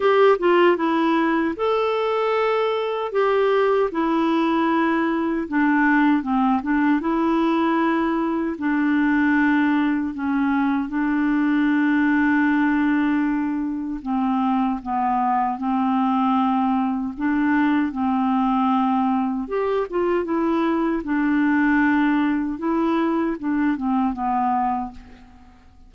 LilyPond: \new Staff \with { instrumentName = "clarinet" } { \time 4/4 \tempo 4 = 77 g'8 f'8 e'4 a'2 | g'4 e'2 d'4 | c'8 d'8 e'2 d'4~ | d'4 cis'4 d'2~ |
d'2 c'4 b4 | c'2 d'4 c'4~ | c'4 g'8 f'8 e'4 d'4~ | d'4 e'4 d'8 c'8 b4 | }